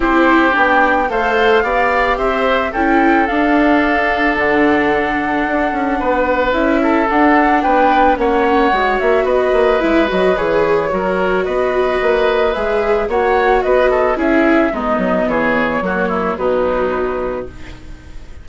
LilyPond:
<<
  \new Staff \with { instrumentName = "flute" } { \time 4/4 \tempo 4 = 110 c''4 g''4 f''2 | e''4 g''4 f''2 | fis''1 | e''4 fis''4 g''4 fis''4~ |
fis''8 e''8 dis''4 e''8 dis''8 cis''4~ | cis''4 dis''2 e''4 | fis''4 dis''4 e''4 dis''4 | cis''2 b'2 | }
  \new Staff \with { instrumentName = "oboe" } { \time 4/4 g'2 c''4 d''4 | c''4 a'2.~ | a'2. b'4~ | b'8 a'4. b'4 cis''4~ |
cis''4 b'2. | ais'4 b'2. | cis''4 b'8 a'8 gis'4 dis'4 | gis'4 fis'8 e'8 dis'2 | }
  \new Staff \with { instrumentName = "viola" } { \time 4/4 e'4 d'4 a'4 g'4~ | g'4 e'4 d'2~ | d'1 | e'4 d'2 cis'4 |
fis'2 e'8 fis'8 gis'4 | fis'2. gis'4 | fis'2 e'4 b4~ | b4 ais4 fis2 | }
  \new Staff \with { instrumentName = "bassoon" } { \time 4/4 c'4 b4 a4 b4 | c'4 cis'4 d'2 | d2 d'8 cis'8 b4 | cis'4 d'4 b4 ais4 |
gis8 ais8 b8 ais8 gis8 fis8 e4 | fis4 b4 ais4 gis4 | ais4 b4 cis'4 gis8 fis8 | e4 fis4 b,2 | }
>>